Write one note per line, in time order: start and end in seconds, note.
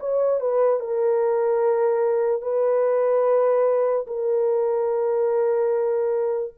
0.00 0.40 C#5
0.40 0.80 B4
0.80 2.42 A#4
2.42 4.06 B4
4.07 6.54 A#4